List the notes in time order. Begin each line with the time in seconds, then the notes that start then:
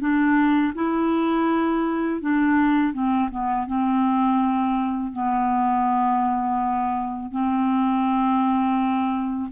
0.00 D4
0.75 E4
2.21 D4
2.93 C4
3.31 B3
3.67 C4
5.13 B3
7.31 C4